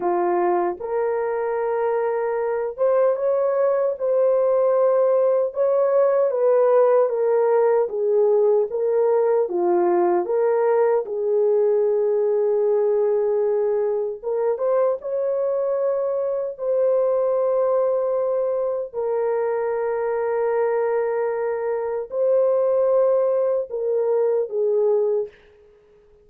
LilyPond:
\new Staff \with { instrumentName = "horn" } { \time 4/4 \tempo 4 = 76 f'4 ais'2~ ais'8 c''8 | cis''4 c''2 cis''4 | b'4 ais'4 gis'4 ais'4 | f'4 ais'4 gis'2~ |
gis'2 ais'8 c''8 cis''4~ | cis''4 c''2. | ais'1 | c''2 ais'4 gis'4 | }